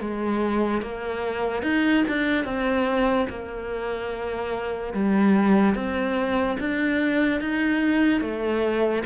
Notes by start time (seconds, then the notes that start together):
0.00 G#3
0.82 A#3
1.63 D#4
2.08 D4
2.45 C4
3.30 A#3
4.94 G3
5.75 C4
6.59 D4
7.40 D#4
8.21 A3